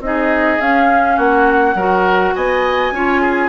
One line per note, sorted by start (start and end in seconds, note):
0.00 0.58 C4
0.00 0.59 D#4
0.00 1.16 G#4
0.00 0.60 D#5
0.59 1.17 C#4
0.59 1.76 C#4
0.59 1.18 F5
1.16 1.74 A#3
1.16 1.74 F#4
1.16 2.35 F#5
1.74 2.32 F#3
1.74 2.94 F#4
1.74 2.34 A#4
2.35 2.91 B3
2.35 2.93 D#5
2.35 3.49 G#5
2.91 3.49 C#4
2.91 3.49 F4
2.91 3.21 C#5
3.21 3.49 G#4